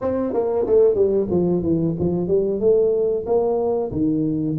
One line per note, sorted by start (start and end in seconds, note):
0.01 0.33 C4
0.33 0.66 A#3
0.66 0.94 A3
0.94 1.27 G3
1.30 1.62 F3
1.62 1.94 E3
1.99 2.27 F3
2.27 2.60 G3
2.60 3.25 A3
3.26 3.91 A#3
3.91 4.56 D#3